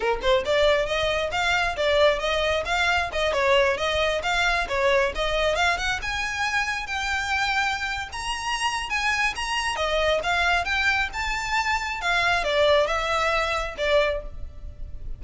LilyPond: \new Staff \with { instrumentName = "violin" } { \time 4/4 \tempo 4 = 135 ais'8 c''8 d''4 dis''4 f''4 | d''4 dis''4 f''4 dis''8 cis''8~ | cis''8 dis''4 f''4 cis''4 dis''8~ | dis''8 f''8 fis''8 gis''2 g''8~ |
g''2~ g''16 ais''4.~ ais''16 | gis''4 ais''4 dis''4 f''4 | g''4 a''2 f''4 | d''4 e''2 d''4 | }